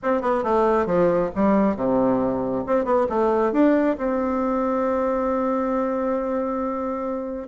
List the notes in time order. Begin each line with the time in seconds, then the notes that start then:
0.02 C4
0.21 B3
0.43 A3
0.85 F3
1.35 G3
1.76 C3
2.66 C4
2.85 B3
3.09 A3
3.52 D4
3.97 C4